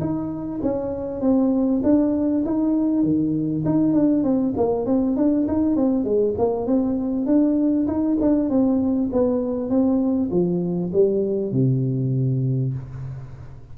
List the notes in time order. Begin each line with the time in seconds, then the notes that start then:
0.00 D#4
0.62 C#4
1.20 C4
1.83 D4
2.45 D#4
3.03 D#3
3.65 D#4
3.93 D4
4.23 C4
4.56 A#3
4.86 C4
5.16 D4
5.47 D#4
5.76 C4
6.04 G#3
6.38 A#3
6.66 C4
7.26 D4
7.87 D#4
8.20 D4
8.49 C4
9.12 B3
9.69 C4
10.31 F3
10.92 G3
11.52 C3